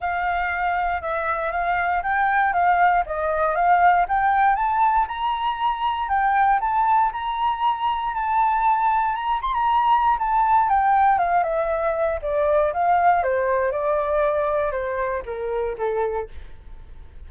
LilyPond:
\new Staff \with { instrumentName = "flute" } { \time 4/4 \tempo 4 = 118 f''2 e''4 f''4 | g''4 f''4 dis''4 f''4 | g''4 a''4 ais''2 | g''4 a''4 ais''2 |
a''2 ais''8 c'''16 ais''4~ ais''16 | a''4 g''4 f''8 e''4. | d''4 f''4 c''4 d''4~ | d''4 c''4 ais'4 a'4 | }